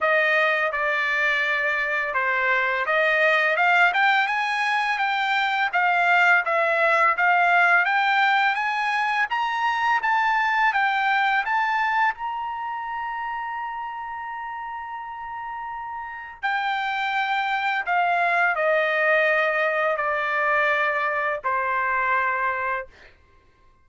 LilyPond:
\new Staff \with { instrumentName = "trumpet" } { \time 4/4 \tempo 4 = 84 dis''4 d''2 c''4 | dis''4 f''8 g''8 gis''4 g''4 | f''4 e''4 f''4 g''4 | gis''4 ais''4 a''4 g''4 |
a''4 ais''2.~ | ais''2. g''4~ | g''4 f''4 dis''2 | d''2 c''2 | }